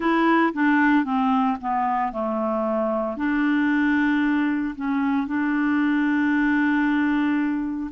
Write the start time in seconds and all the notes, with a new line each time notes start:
0.00 E4
0.53 D4
1.04 C4
1.60 B3
2.12 A3
3.16 D4
4.75 C#4
5.27 D4